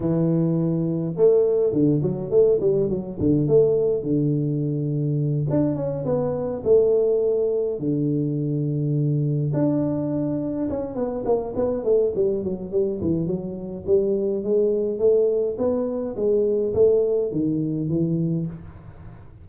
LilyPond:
\new Staff \with { instrumentName = "tuba" } { \time 4/4 \tempo 4 = 104 e2 a4 d8 fis8 | a8 g8 fis8 d8 a4 d4~ | d4. d'8 cis'8 b4 a8~ | a4. d2~ d8~ |
d8 d'2 cis'8 b8 ais8 | b8 a8 g8 fis8 g8 e8 fis4 | g4 gis4 a4 b4 | gis4 a4 dis4 e4 | }